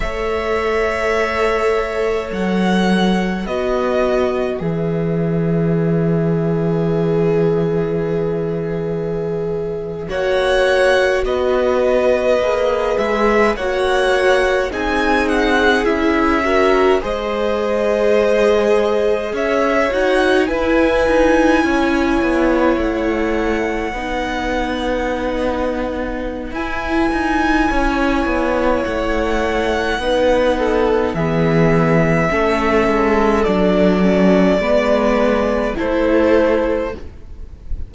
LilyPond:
<<
  \new Staff \with { instrumentName = "violin" } { \time 4/4 \tempo 4 = 52 e''2 fis''4 dis''4 | e''1~ | e''8. fis''4 dis''4. e''8 fis''16~ | fis''8. gis''8 fis''8 e''4 dis''4~ dis''16~ |
dis''8. e''8 fis''8 gis''2 fis''16~ | fis''2. gis''4~ | gis''4 fis''2 e''4~ | e''4 d''2 c''4 | }
  \new Staff \with { instrumentName = "violin" } { \time 4/4 cis''2. b'4~ | b'1~ | b'8. cis''4 b'2 cis''16~ | cis''8. gis'4. ais'8 c''4~ c''16~ |
c''8. cis''4 b'4 cis''4~ cis''16~ | cis''8. b'2.~ b'16 | cis''2 b'8 a'8 gis'4 | a'2 b'4 a'4 | }
  \new Staff \with { instrumentName = "viola" } { \time 4/4 a'2. fis'4 | gis'1~ | gis'8. fis'2 gis'4 fis'16~ | fis'8. dis'4 e'8 fis'8 gis'4~ gis'16~ |
gis'4~ gis'16 fis'8 e'2~ e'16~ | e'8. dis'2~ dis'16 e'4~ | e'2 dis'4 b4 | cis'4 d'8 cis'8 b4 e'4 | }
  \new Staff \with { instrumentName = "cello" } { \time 4/4 a2 fis4 b4 | e1~ | e8. ais4 b4 ais8 gis8 ais16~ | ais8. c'4 cis'4 gis4~ gis16~ |
gis8. cis'8 dis'8 e'8 dis'8 cis'8 b8 a16~ | a8. b2~ b16 e'8 dis'8 | cis'8 b8 a4 b4 e4 | a8 gis8 fis4 gis4 a4 | }
>>